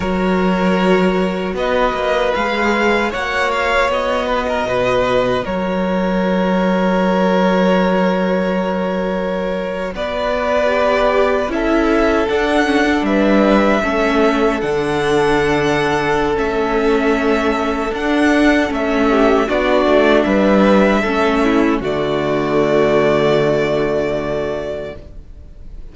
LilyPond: <<
  \new Staff \with { instrumentName = "violin" } { \time 4/4 \tempo 4 = 77 cis''2 dis''4 f''4 | fis''8 f''8 dis''2 cis''4~ | cis''1~ | cis''8. d''2 e''4 fis''16~ |
fis''8. e''2 fis''4~ fis''16~ | fis''4 e''2 fis''4 | e''4 d''4 e''2 | d''1 | }
  \new Staff \with { instrumentName = "violin" } { \time 4/4 ais'2 b'2 | cis''4. b'16 ais'16 b'4 ais'4~ | ais'1~ | ais'8. b'2 a'4~ a'16~ |
a'8. b'4 a'2~ a'16~ | a'1~ | a'8 g'8 fis'4 b'4 a'8 e'8 | fis'1 | }
  \new Staff \with { instrumentName = "viola" } { \time 4/4 fis'2. gis'4 | fis'1~ | fis'1~ | fis'4.~ fis'16 g'4 e'4 d'16~ |
d'16 cis'16 d'4~ d'16 cis'4 d'4~ d'16~ | d'4 cis'2 d'4 | cis'4 d'2 cis'4 | a1 | }
  \new Staff \with { instrumentName = "cello" } { \time 4/4 fis2 b8 ais8 gis4 | ais4 b4 b,4 fis4~ | fis1~ | fis8. b2 cis'4 d'16~ |
d'8. g4 a4 d4~ d16~ | d4 a2 d'4 | a4 b8 a8 g4 a4 | d1 | }
>>